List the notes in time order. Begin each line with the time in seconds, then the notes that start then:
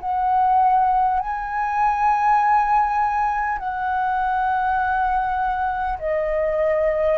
0.00 F#5
1.19 G#5
3.59 F#5
5.99 D#5